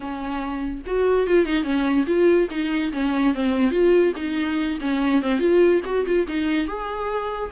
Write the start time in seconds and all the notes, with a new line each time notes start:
0.00 C#4
0.86 F#4
1.26 F4
1.45 D#4
1.63 C#4
2.06 F4
2.50 D#4
2.92 C#4
3.34 C4
3.71 F4
4.16 D#4
4.80 C#4
5.22 C4
5.39 F4
5.84 F#4
6.05 F4
6.27 D#4
6.67 G#4